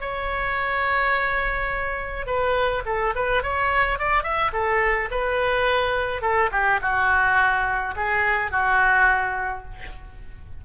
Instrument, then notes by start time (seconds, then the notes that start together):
oboe
0.00 C#5
2.26 B4
2.85 A4
3.15 B4
3.42 C#5
3.99 D5
4.23 E5
4.53 A4
5.10 B4
6.21 A4
6.51 G4
6.81 F#4
7.96 G#4
8.51 F#4